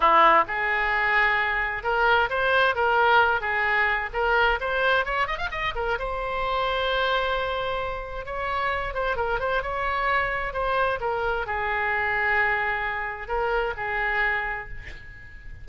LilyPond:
\new Staff \with { instrumentName = "oboe" } { \time 4/4 \tempo 4 = 131 e'4 gis'2. | ais'4 c''4 ais'4. gis'8~ | gis'4 ais'4 c''4 cis''8 dis''16 f''16 | dis''8 ais'8 c''2.~ |
c''2 cis''4. c''8 | ais'8 c''8 cis''2 c''4 | ais'4 gis'2.~ | gis'4 ais'4 gis'2 | }